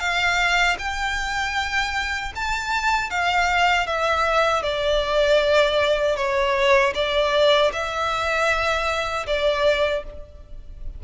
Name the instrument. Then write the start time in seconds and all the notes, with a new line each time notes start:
violin
0.00 F5
0.79 G5
2.36 A5
3.10 F5
3.87 E5
4.63 D5
6.17 C#5
6.95 D5
7.73 E5
9.27 D5